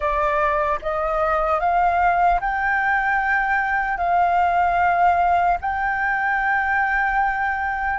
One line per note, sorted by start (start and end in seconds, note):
0.00 0.79 D5
0.82 1.60 D#5
1.60 2.40 F5
2.40 3.97 G5
3.97 5.57 F5
5.60 7.99 G5